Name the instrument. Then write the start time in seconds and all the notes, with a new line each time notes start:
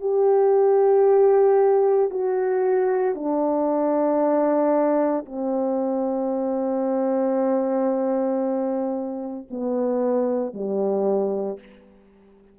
horn
0.00 G4
2.10 F#4
3.14 D4
5.25 C4
9.50 B3
10.53 G3